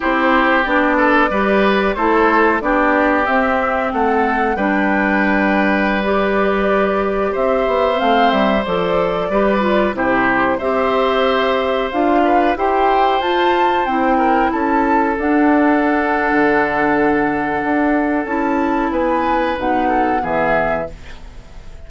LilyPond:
<<
  \new Staff \with { instrumentName = "flute" } { \time 4/4 \tempo 4 = 92 c''4 d''2 c''4 | d''4 e''4 fis''4 g''4~ | g''4~ g''16 d''2 e''8.~ | e''16 f''8 e''8 d''2 c''8.~ |
c''16 e''2 f''4 g''8.~ | g''16 a''4 g''4 a''4 fis''8.~ | fis''1 | a''4 gis''4 fis''4 e''4 | }
  \new Staff \with { instrumentName = "oboe" } { \time 4/4 g'4. a'8 b'4 a'4 | g'2 a'4 b'4~ | b'2.~ b'16 c''8.~ | c''2~ c''16 b'4 g'8.~ |
g'16 c''2~ c''8 b'8 c''8.~ | c''4.~ c''16 ais'8 a'4.~ a'16~ | a'1~ | a'4 b'4. a'8 gis'4 | }
  \new Staff \with { instrumentName = "clarinet" } { \time 4/4 e'4 d'4 g'4 e'4 | d'4 c'2 d'4~ | d'4~ d'16 g'2~ g'8.~ | g'16 c'4 a'4 g'8 f'8 e'8.~ |
e'16 g'2 f'4 g'8.~ | g'16 f'4 e'2 d'8.~ | d'1 | e'2 dis'4 b4 | }
  \new Staff \with { instrumentName = "bassoon" } { \time 4/4 c'4 b4 g4 a4 | b4 c'4 a4 g4~ | g2.~ g16 c'8 b16~ | b16 a8 g8 f4 g4 c8.~ |
c16 c'2 d'4 e'8.~ | e'16 f'4 c'4 cis'4 d'8.~ | d'4 d2 d'4 | cis'4 b4 b,4 e4 | }
>>